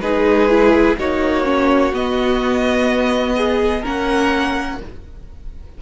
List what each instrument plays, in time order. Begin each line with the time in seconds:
0.00 cello G#3, viola D#4, violin G#4 B4
0.49 viola E4
0.98 cello A#3, viola D#4, violin F#4 C#5
1.44 viola C#4
1.93 cello B3, viola B3, violin D#5
3.37 violin G#4
3.82 cello A#3, viola C#4, violin A#4 F#5